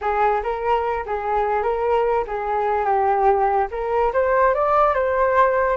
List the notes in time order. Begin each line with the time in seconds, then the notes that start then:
0.01 G#4
0.43 A#4
1.06 G#4
1.63 A#4
2.27 G#4
2.85 G4
3.71 A#4
4.13 C5
4.54 D5
4.94 C5